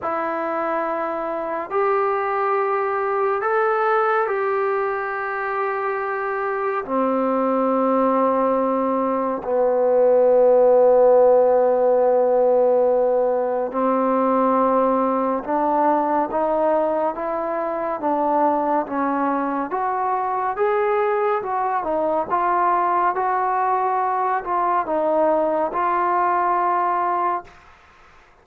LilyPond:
\new Staff \with { instrumentName = "trombone" } { \time 4/4 \tempo 4 = 70 e'2 g'2 | a'4 g'2. | c'2. b4~ | b1 |
c'2 d'4 dis'4 | e'4 d'4 cis'4 fis'4 | gis'4 fis'8 dis'8 f'4 fis'4~ | fis'8 f'8 dis'4 f'2 | }